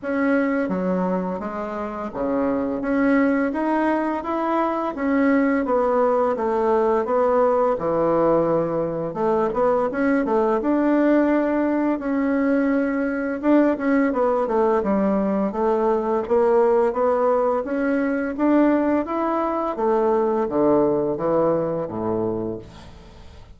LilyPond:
\new Staff \with { instrumentName = "bassoon" } { \time 4/4 \tempo 4 = 85 cis'4 fis4 gis4 cis4 | cis'4 dis'4 e'4 cis'4 | b4 a4 b4 e4~ | e4 a8 b8 cis'8 a8 d'4~ |
d'4 cis'2 d'8 cis'8 | b8 a8 g4 a4 ais4 | b4 cis'4 d'4 e'4 | a4 d4 e4 a,4 | }